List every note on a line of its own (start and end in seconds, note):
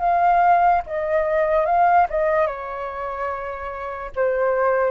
0.00 0.82 F5
0.87 1.66 D#5
1.66 2.07 F5
2.10 2.47 D#5
2.47 4.11 C#5
4.16 4.92 C5